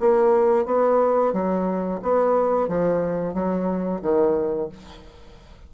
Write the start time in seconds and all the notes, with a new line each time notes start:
0.00 A#3
0.66 B3
1.33 F#3
2.03 B3
2.68 F3
3.34 F#3
4.02 D#3